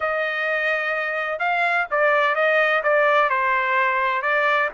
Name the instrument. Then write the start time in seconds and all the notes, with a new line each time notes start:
trumpet
0.00 D#5
1.39 F5
1.90 D5
2.35 D#5
2.83 D5
3.29 C5
4.22 D5